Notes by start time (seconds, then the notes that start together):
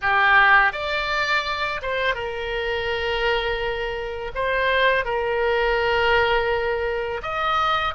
0.01 G4
0.72 D5
1.81 C5
2.15 A#4
4.34 C5
5.04 A#4
7.22 D#5